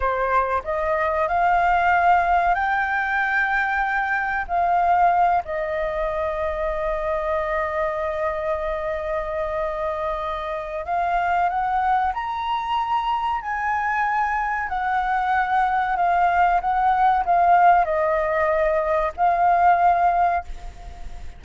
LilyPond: \new Staff \with { instrumentName = "flute" } { \time 4/4 \tempo 4 = 94 c''4 dis''4 f''2 | g''2. f''4~ | f''8 dis''2.~ dis''8~ | dis''1~ |
dis''4 f''4 fis''4 ais''4~ | ais''4 gis''2 fis''4~ | fis''4 f''4 fis''4 f''4 | dis''2 f''2 | }